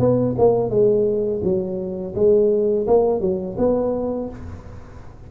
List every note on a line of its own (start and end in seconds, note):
0.00 0.36 B3
0.39 0.70 A#3
0.70 1.42 G#3
1.44 2.15 F#3
2.15 2.87 G#3
2.87 3.21 A#3
3.21 3.57 F#3
3.58 4.30 B3